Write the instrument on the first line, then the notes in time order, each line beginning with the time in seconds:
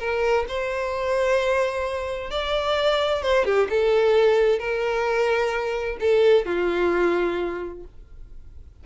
violin
0.00 A#4
0.49 C5
2.31 D5
3.23 C5
3.45 G4
3.70 A4
4.59 A#4
6.01 A4
6.46 F4